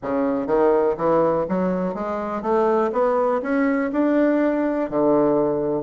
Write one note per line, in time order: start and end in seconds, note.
0.02 0.47 C#3
0.47 0.95 D#3
0.97 1.45 E3
1.48 1.94 F#3
1.94 2.41 G#3
2.41 2.90 A3
2.92 3.41 B3
3.42 3.90 C#4
3.92 4.90 D4
4.90 5.83 D3